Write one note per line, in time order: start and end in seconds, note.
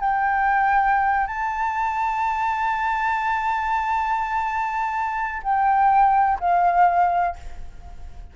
0.00 1.27 G5
1.27 5.42 A5
5.43 6.39 G5
6.40 7.36 F5